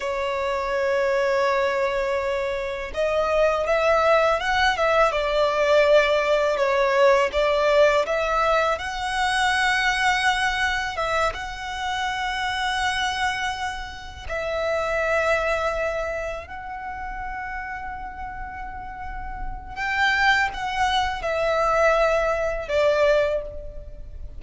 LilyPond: \new Staff \with { instrumentName = "violin" } { \time 4/4 \tempo 4 = 82 cis''1 | dis''4 e''4 fis''8 e''8 d''4~ | d''4 cis''4 d''4 e''4 | fis''2. e''8 fis''8~ |
fis''2.~ fis''8 e''8~ | e''2~ e''8 fis''4.~ | fis''2. g''4 | fis''4 e''2 d''4 | }